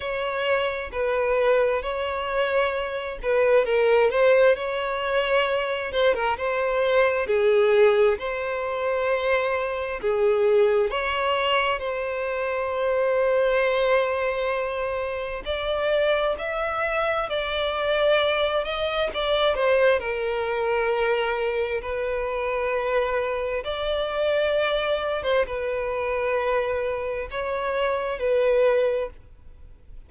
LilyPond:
\new Staff \with { instrumentName = "violin" } { \time 4/4 \tempo 4 = 66 cis''4 b'4 cis''4. b'8 | ais'8 c''8 cis''4. c''16 ais'16 c''4 | gis'4 c''2 gis'4 | cis''4 c''2.~ |
c''4 d''4 e''4 d''4~ | d''8 dis''8 d''8 c''8 ais'2 | b'2 d''4.~ d''16 c''16 | b'2 cis''4 b'4 | }